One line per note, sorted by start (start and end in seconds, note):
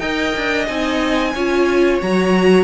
0.00 0.33 D#4
0.00 0.67 A#4
0.00 1.33 D#5
0.00 0.66 G5
0.37 0.69 D4
0.67 1.35 C4
0.67 1.34 D#4
0.67 1.99 G#5
1.35 2.02 C#4
1.35 2.02 F4
1.35 2.65 C#5
2.02 2.65 F#3
2.02 2.65 F#4
2.02 2.65 A#5